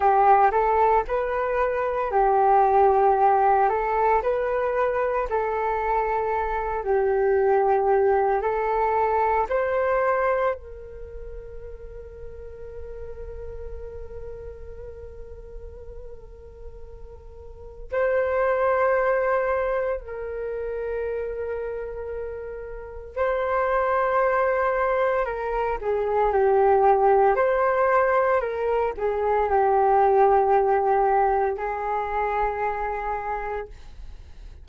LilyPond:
\new Staff \with { instrumentName = "flute" } { \time 4/4 \tempo 4 = 57 g'8 a'8 b'4 g'4. a'8 | b'4 a'4. g'4. | a'4 c''4 ais'2~ | ais'1~ |
ais'4 c''2 ais'4~ | ais'2 c''2 | ais'8 gis'8 g'4 c''4 ais'8 gis'8 | g'2 gis'2 | }